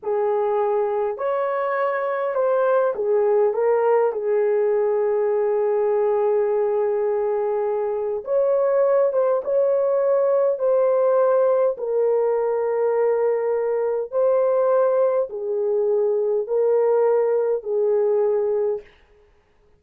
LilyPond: \new Staff \with { instrumentName = "horn" } { \time 4/4 \tempo 4 = 102 gis'2 cis''2 | c''4 gis'4 ais'4 gis'4~ | gis'1~ | gis'2 cis''4. c''8 |
cis''2 c''2 | ais'1 | c''2 gis'2 | ais'2 gis'2 | }